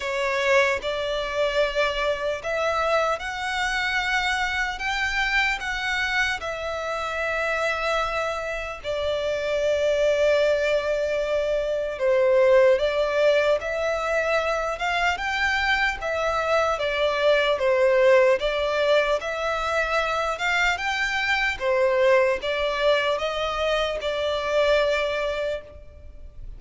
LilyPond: \new Staff \with { instrumentName = "violin" } { \time 4/4 \tempo 4 = 75 cis''4 d''2 e''4 | fis''2 g''4 fis''4 | e''2. d''4~ | d''2. c''4 |
d''4 e''4. f''8 g''4 | e''4 d''4 c''4 d''4 | e''4. f''8 g''4 c''4 | d''4 dis''4 d''2 | }